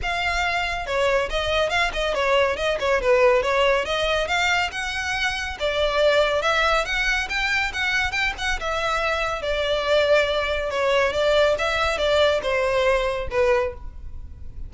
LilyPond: \new Staff \with { instrumentName = "violin" } { \time 4/4 \tempo 4 = 140 f''2 cis''4 dis''4 | f''8 dis''8 cis''4 dis''8 cis''8 b'4 | cis''4 dis''4 f''4 fis''4~ | fis''4 d''2 e''4 |
fis''4 g''4 fis''4 g''8 fis''8 | e''2 d''2~ | d''4 cis''4 d''4 e''4 | d''4 c''2 b'4 | }